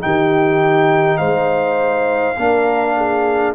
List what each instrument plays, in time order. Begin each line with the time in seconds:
0.00 trombone D#4, horn G4, trumpet G5
0.06 tuba D#3
1.18 tuba G#3, horn C5, trumpet F5
2.37 tuba A#3, trombone D4, horn A#4
2.97 horn G#4